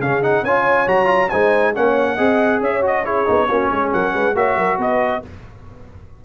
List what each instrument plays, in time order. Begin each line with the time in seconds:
0.00 tuba C#3, trombone C#4, horn G#4, trumpet F5
0.22 trombone D#4, trumpet F#5
0.43 tuba C#4, trombone F4, horn C#5, trumpet G#5
0.87 tuba F#3, trombone F#4, trumpet A#5
1.06 trombone F4
1.30 tuba G#3, trombone D#4, horn C5, trumpet G#5
1.74 tuba A#3, trombone C#4, horn C#5, trumpet F#5
2.16 tuba C4, trombone G#4, horn D#5
2.61 tuba C#4, horn C#5, trumpet E5
2.82 trombone F#4, trumpet D#5
3.05 trombone E4, horn G#4, trumpet C#5
3.26 tuba B3, trombone D#4
3.49 tuba A#3, trombone C#4, horn F#4
3.71 tuba G#3, horn G#4
3.93 tuba F#3, horn A#4, trumpet F#5
4.13 tuba G#3, horn B4
4.35 tuba A#3, trombone F#4, horn C#5, trumpet E5
4.56 tuba F#3, horn A#4
4.78 tuba B3, horn B4, trumpet D#5